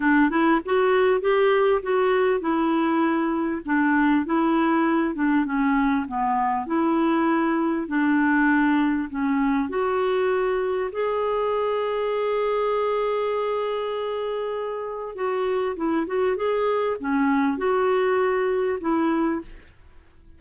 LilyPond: \new Staff \with { instrumentName = "clarinet" } { \time 4/4 \tempo 4 = 99 d'8 e'8 fis'4 g'4 fis'4 | e'2 d'4 e'4~ | e'8 d'8 cis'4 b4 e'4~ | e'4 d'2 cis'4 |
fis'2 gis'2~ | gis'1~ | gis'4 fis'4 e'8 fis'8 gis'4 | cis'4 fis'2 e'4 | }